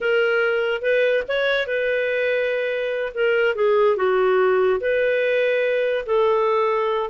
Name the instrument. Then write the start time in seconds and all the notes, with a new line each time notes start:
clarinet
0.01 A#4
0.81 B4
1.27 C#5
1.67 B4
3.14 A#4
3.55 G#4
3.96 F#4
4.80 B4
6.06 A4